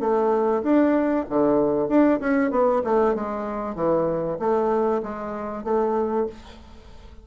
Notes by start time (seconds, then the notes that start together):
0.00 A3
0.63 D4
1.30 D3
1.89 D4
2.20 C#4
2.51 B3
2.84 A3
3.15 G#3
3.76 E3
4.39 A3
5.03 G#3
5.64 A3